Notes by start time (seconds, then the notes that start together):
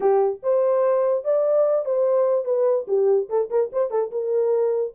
0.00 G4
0.42 C5
1.24 D5
1.85 C5
2.44 B4
2.87 G4
3.29 A4
3.50 A#4
3.72 C5
3.90 A4
4.11 A#4